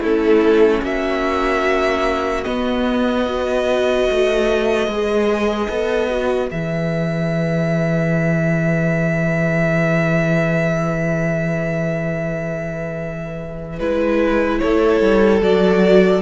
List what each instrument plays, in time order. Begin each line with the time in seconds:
0.00 cello A3, viola C#4, violin E4 A4
0.81 cello A#3, violin F#4 E5
2.44 viola B3, cello B3, violin D#5
3.24 viola F#4, violin B4
4.10 cello A3
4.87 cello G#3, viola G#4
5.69 cello B3, viola A4
6.09 viola F#4
6.49 cello E3, viola G#4, violin E5
13.79 cello G#3, viola E4, violin B4
14.58 cello A3, violin A4 C#5
15.01 cello G3
15.40 cello F#3, viola F#4, violin D5